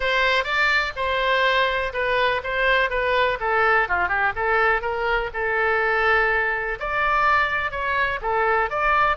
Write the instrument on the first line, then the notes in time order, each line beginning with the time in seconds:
oboe
0.00 C5
0.44 D5
0.96 C5
1.93 B4
2.43 C5
2.90 B4
3.40 A4
3.88 F4
4.08 G4
4.35 A4
4.81 A#4
5.33 A4
6.79 D5
7.71 C#5
8.21 A4
8.70 D5